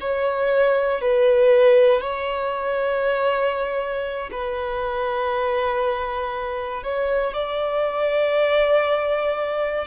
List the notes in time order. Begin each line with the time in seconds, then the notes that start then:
0.00 C#5
1.01 B4
2.01 C#5
4.31 B4
6.83 C#5
7.33 D5